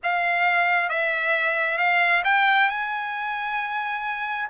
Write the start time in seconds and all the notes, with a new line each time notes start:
0.02 F5
0.89 E5
1.77 F5
2.24 G5
2.69 G#5